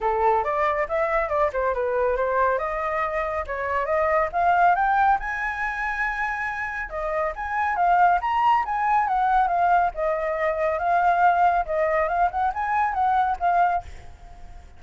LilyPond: \new Staff \with { instrumentName = "flute" } { \time 4/4 \tempo 4 = 139 a'4 d''4 e''4 d''8 c''8 | b'4 c''4 dis''2 | cis''4 dis''4 f''4 g''4 | gis''1 |
dis''4 gis''4 f''4 ais''4 | gis''4 fis''4 f''4 dis''4~ | dis''4 f''2 dis''4 | f''8 fis''8 gis''4 fis''4 f''4 | }